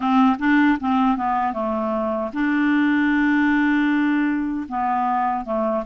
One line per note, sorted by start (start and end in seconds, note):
0.00 0.36 C4
0.39 0.78 D4
0.80 1.17 C4
1.17 1.53 B3
1.53 2.31 A3
2.33 4.66 D4
4.68 5.44 B3
5.44 5.83 A3